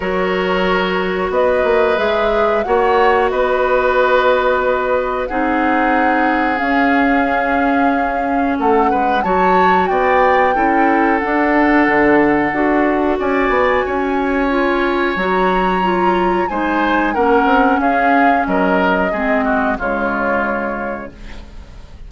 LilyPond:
<<
  \new Staff \with { instrumentName = "flute" } { \time 4/4 \tempo 4 = 91 cis''2 dis''4 e''4 | fis''4 dis''2. | fis''2 f''2~ | f''4 fis''4 a''4 g''4~ |
g''4 fis''2. | gis''2. ais''4~ | ais''4 gis''4 fis''4 f''4 | dis''2 cis''2 | }
  \new Staff \with { instrumentName = "oboe" } { \time 4/4 ais'2 b'2 | cis''4 b'2. | gis'1~ | gis'4 a'8 b'8 cis''4 d''4 |
a'1 | d''4 cis''2.~ | cis''4 c''4 ais'4 gis'4 | ais'4 gis'8 fis'8 f'2 | }
  \new Staff \with { instrumentName = "clarinet" } { \time 4/4 fis'2. gis'4 | fis'1 | dis'2 cis'2~ | cis'2 fis'2 |
e'4 d'2 fis'4~ | fis'2 f'4 fis'4 | f'4 dis'4 cis'2~ | cis'4 c'4 gis2 | }
  \new Staff \with { instrumentName = "bassoon" } { \time 4/4 fis2 b8 ais8 gis4 | ais4 b2. | c'2 cis'2~ | cis'4 a8 gis8 fis4 b4 |
cis'4 d'4 d4 d'4 | cis'8 b8 cis'2 fis4~ | fis4 gis4 ais8 c'8 cis'4 | fis4 gis4 cis2 | }
>>